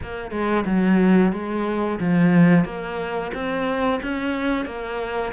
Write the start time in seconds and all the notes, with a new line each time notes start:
0.02 A#3
0.31 G#3
0.65 F#3
1.32 G#3
1.99 F3
2.65 A#3
3.33 C4
4.02 C#4
4.65 A#3